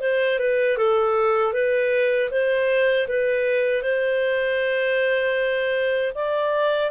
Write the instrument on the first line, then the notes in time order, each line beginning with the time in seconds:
clarinet
0.00 C5
0.38 B4
0.77 A4
1.52 B4
2.30 C5
3.07 B4
3.82 C5
6.14 D5